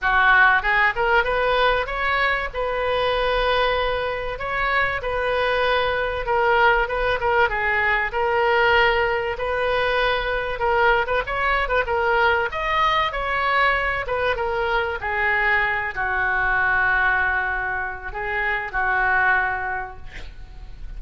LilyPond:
\new Staff \with { instrumentName = "oboe" } { \time 4/4 \tempo 4 = 96 fis'4 gis'8 ais'8 b'4 cis''4 | b'2. cis''4 | b'2 ais'4 b'8 ais'8 | gis'4 ais'2 b'4~ |
b'4 ais'8. b'16 cis''8. b'16 ais'4 | dis''4 cis''4. b'8 ais'4 | gis'4. fis'2~ fis'8~ | fis'4 gis'4 fis'2 | }